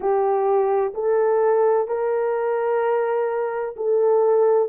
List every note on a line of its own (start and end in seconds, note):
0.00 0.93 G4
0.94 1.87 A4
1.87 3.75 A#4
3.76 4.68 A4